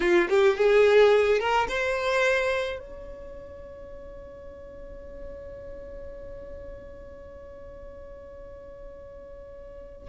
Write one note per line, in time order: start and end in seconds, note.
0.00 0.28 F4
0.29 0.57 G4
0.57 1.39 G#4
1.39 1.67 A#4
1.68 2.79 C5
2.79 10.08 C#5